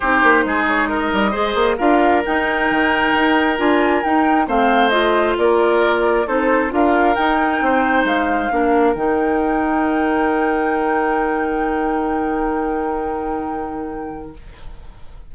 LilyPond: <<
  \new Staff \with { instrumentName = "flute" } { \time 4/4 \tempo 4 = 134 c''4. cis''8 dis''2 | f''4 g''2. | gis''4 g''4 f''4 dis''4 | d''2 c''4 f''4 |
g''2 f''2 | g''1~ | g''1~ | g''1 | }
  \new Staff \with { instrumentName = "oboe" } { \time 4/4 g'4 gis'4 ais'4 c''4 | ais'1~ | ais'2 c''2 | ais'2 a'4 ais'4~ |
ais'4 c''2 ais'4~ | ais'1~ | ais'1~ | ais'1 | }
  \new Staff \with { instrumentName = "clarinet" } { \time 4/4 dis'2. gis'4 | f'4 dis'2. | f'4 dis'4 c'4 f'4~ | f'2 dis'4 f'4 |
dis'2. d'4 | dis'1~ | dis'1~ | dis'1 | }
  \new Staff \with { instrumentName = "bassoon" } { \time 4/4 c'8 ais8 gis4. g8 gis8 ais8 | d'4 dis'4 dis4 dis'4 | d'4 dis'4 a2 | ais2 c'4 d'4 |
dis'4 c'4 gis4 ais4 | dis1~ | dis1~ | dis1 | }
>>